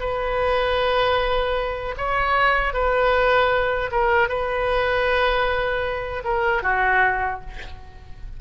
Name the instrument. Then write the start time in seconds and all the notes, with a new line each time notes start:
oboe
0.00 B4
1.98 C#5
2.73 B4
3.91 A#4
4.29 B4
6.24 A#4
6.63 F#4